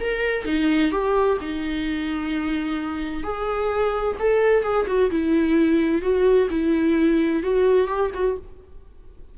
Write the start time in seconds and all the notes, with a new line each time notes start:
0.00 A#4
0.45 D#4
0.91 G4
1.40 D#4
3.23 G#4
4.19 A4
4.63 G#4
4.87 F#4
5.10 E4
6.01 F#4
6.50 E4
7.43 F#4
7.87 G4
8.14 F#4